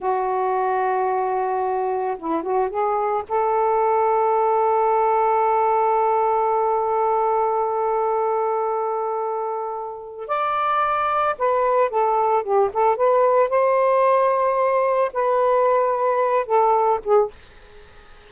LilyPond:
\new Staff \with { instrumentName = "saxophone" } { \time 4/4 \tempo 4 = 111 fis'1 | e'8 fis'8 gis'4 a'2~ | a'1~ | a'1~ |
a'2. d''4~ | d''4 b'4 a'4 g'8 a'8 | b'4 c''2. | b'2~ b'8 a'4 gis'8 | }